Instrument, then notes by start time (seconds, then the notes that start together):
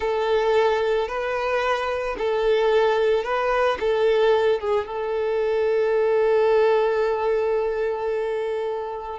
violin
0.00 A4
1.07 B4
2.18 A4
3.24 B4
3.80 A4
4.59 G#4
4.86 A4